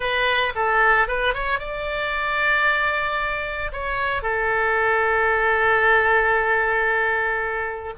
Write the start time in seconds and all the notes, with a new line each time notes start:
0.00 B4
0.55 A4
1.07 B4
1.33 C#5
1.59 D5
3.72 C#5
4.22 A4